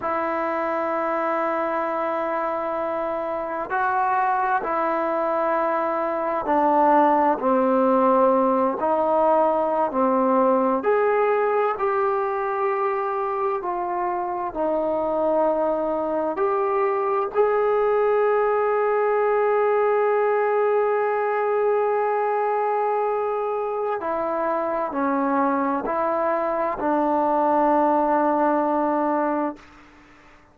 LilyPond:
\new Staff \with { instrumentName = "trombone" } { \time 4/4 \tempo 4 = 65 e'1 | fis'4 e'2 d'4 | c'4. dis'4~ dis'16 c'4 gis'16~ | gis'8. g'2 f'4 dis'16~ |
dis'4.~ dis'16 g'4 gis'4~ gis'16~ | gis'1~ | gis'2 e'4 cis'4 | e'4 d'2. | }